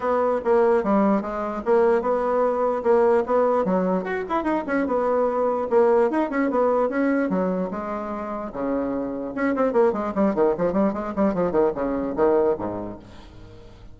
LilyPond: \new Staff \with { instrumentName = "bassoon" } { \time 4/4 \tempo 4 = 148 b4 ais4 g4 gis4 | ais4 b2 ais4 | b4 fis4 fis'8 e'8 dis'8 cis'8 | b2 ais4 dis'8 cis'8 |
b4 cis'4 fis4 gis4~ | gis4 cis2 cis'8 c'8 | ais8 gis8 g8 dis8 f8 g8 gis8 g8 | f8 dis8 cis4 dis4 gis,4 | }